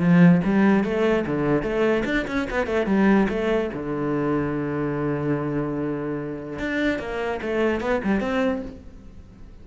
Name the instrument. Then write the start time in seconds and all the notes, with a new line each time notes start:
cello
0.00 F3
0.44 G3
0.84 A3
1.27 D3
1.63 A3
2.05 D4
2.27 C#4
2.50 B3
2.67 A3
2.86 G3
3.29 A3
3.74 D3
6.59 D4
6.99 A#3
7.42 A3
7.81 B3
8.04 G3
8.21 C4